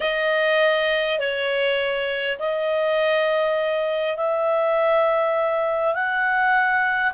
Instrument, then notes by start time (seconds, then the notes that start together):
clarinet
0.00 D#5
1.19 C#5
2.39 D#5
4.16 E5
5.94 F#5